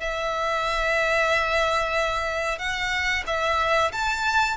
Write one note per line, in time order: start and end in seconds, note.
0.00 2.58 E5
2.58 3.24 F#5
3.27 3.92 E5
3.92 4.57 A5